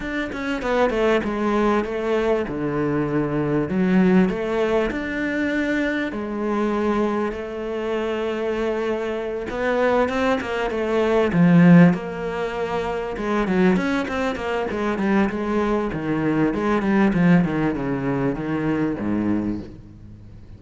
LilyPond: \new Staff \with { instrumentName = "cello" } { \time 4/4 \tempo 4 = 98 d'8 cis'8 b8 a8 gis4 a4 | d2 fis4 a4 | d'2 gis2 | a2.~ a8 b8~ |
b8 c'8 ais8 a4 f4 ais8~ | ais4. gis8 fis8 cis'8 c'8 ais8 | gis8 g8 gis4 dis4 gis8 g8 | f8 dis8 cis4 dis4 gis,4 | }